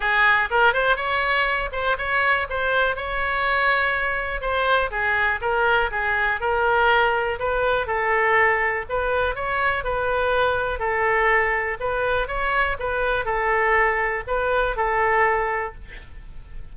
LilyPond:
\new Staff \with { instrumentName = "oboe" } { \time 4/4 \tempo 4 = 122 gis'4 ais'8 c''8 cis''4. c''8 | cis''4 c''4 cis''2~ | cis''4 c''4 gis'4 ais'4 | gis'4 ais'2 b'4 |
a'2 b'4 cis''4 | b'2 a'2 | b'4 cis''4 b'4 a'4~ | a'4 b'4 a'2 | }